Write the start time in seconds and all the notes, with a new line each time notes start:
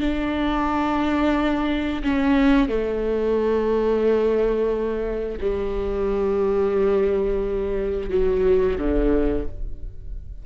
0.00 D4
2.03 C#4
2.68 A3
5.41 G3
8.09 F#3
8.78 D3